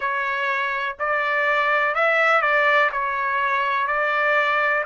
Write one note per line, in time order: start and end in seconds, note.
0.00 0.96 C#5
0.99 1.94 D5
1.94 2.41 E5
2.41 2.89 D5
2.92 3.87 C#5
3.87 4.83 D5